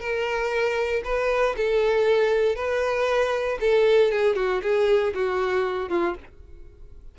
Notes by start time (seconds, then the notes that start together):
0.00 A#4
1.05 B4
1.57 A4
2.56 B4
3.60 A4
4.12 G#4
4.36 F#4
4.62 G#4
5.15 F#4
5.89 F4